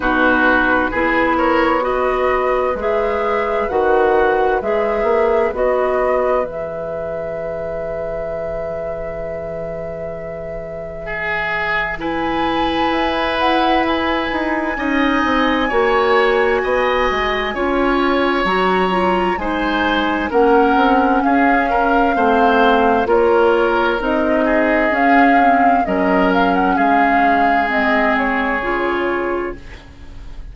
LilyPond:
<<
  \new Staff \with { instrumentName = "flute" } { \time 4/4 \tempo 4 = 65 b'4. cis''8 dis''4 e''4 | fis''4 e''4 dis''4 e''4~ | e''1~ | e''4 gis''4. fis''8 gis''4~ |
gis''1 | ais''4 gis''4 fis''4 f''4~ | f''4 cis''4 dis''4 f''4 | dis''8 f''16 fis''16 f''4 dis''8 cis''4. | }
  \new Staff \with { instrumentName = "oboe" } { \time 4/4 fis'4 gis'8 ais'8 b'2~ | b'1~ | b'1 | gis'4 b'2. |
dis''4 cis''4 dis''4 cis''4~ | cis''4 c''4 ais'4 gis'8 ais'8 | c''4 ais'4. gis'4. | ais'4 gis'2. | }
  \new Staff \with { instrumentName = "clarinet" } { \time 4/4 dis'4 e'4 fis'4 gis'4 | fis'4 gis'4 fis'4 gis'4~ | gis'1~ | gis'4 e'2. |
dis'4 fis'2 f'4 | fis'8 f'8 dis'4 cis'2 | c'4 f'4 dis'4 cis'8 c'8 | cis'2 c'4 f'4 | }
  \new Staff \with { instrumentName = "bassoon" } { \time 4/4 b,4 b2 gis4 | dis4 gis8 ais8 b4 e4~ | e1~ | e2 e'4. dis'8 |
cis'8 c'8 ais4 b8 gis8 cis'4 | fis4 gis4 ais8 c'8 cis'4 | a4 ais4 c'4 cis'4 | fis4 gis2 cis4 | }
>>